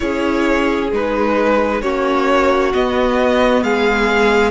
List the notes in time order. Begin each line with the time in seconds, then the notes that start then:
0.00 C#4 E4 G#4 C#5
0.91 G#3 D#4 B4
1.81 A#3 C#4 F#4 C#5
2.73 B3 D#5
3.62 G#3 G#4 F5